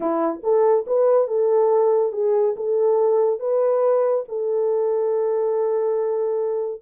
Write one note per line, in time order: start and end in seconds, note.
0.00 0.41 E4
0.43 0.85 A4
0.86 1.27 B4
1.27 2.12 A4
2.12 2.55 G#4
2.56 3.39 A4
3.39 4.24 B4
4.28 6.81 A4